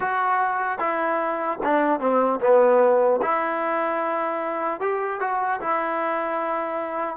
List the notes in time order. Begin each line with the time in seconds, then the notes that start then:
0.00 F#4
0.79 E4
1.63 D4
2.00 C4
2.40 B3
3.21 E4
4.80 G4
5.20 F#4
5.60 E4